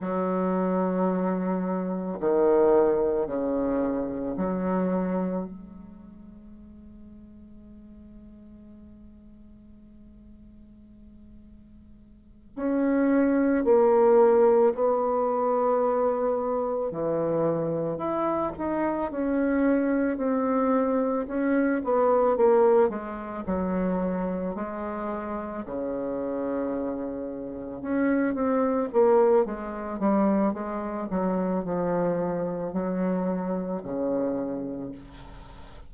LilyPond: \new Staff \with { instrumentName = "bassoon" } { \time 4/4 \tempo 4 = 55 fis2 dis4 cis4 | fis4 gis2.~ | gis2.~ gis8 cis'8~ | cis'8 ais4 b2 e8~ |
e8 e'8 dis'8 cis'4 c'4 cis'8 | b8 ais8 gis8 fis4 gis4 cis8~ | cis4. cis'8 c'8 ais8 gis8 g8 | gis8 fis8 f4 fis4 cis4 | }